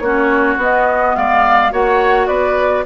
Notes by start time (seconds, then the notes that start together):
0.00 A#3 C#4 F#4 C#5
0.57 B3 D#5
1.16 G#3 D5 F5
1.71 A#3 F#4 C#5 F#5
2.28 B3 B4 D5